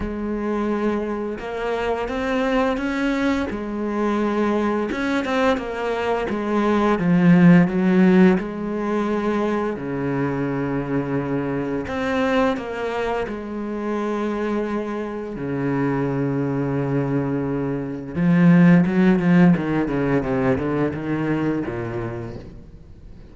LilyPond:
\new Staff \with { instrumentName = "cello" } { \time 4/4 \tempo 4 = 86 gis2 ais4 c'4 | cis'4 gis2 cis'8 c'8 | ais4 gis4 f4 fis4 | gis2 cis2~ |
cis4 c'4 ais4 gis4~ | gis2 cis2~ | cis2 f4 fis8 f8 | dis8 cis8 c8 d8 dis4 ais,4 | }